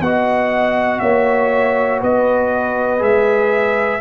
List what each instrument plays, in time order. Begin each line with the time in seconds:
0.00 tuba B3, trombone F#4, horn D#5, trumpet F#5
0.99 tuba A#3, horn C#5, trumpet E5
2.00 tuba B3, horn B4, trumpet D#5
2.99 tuba G#3, trombone G#4, trumpet E5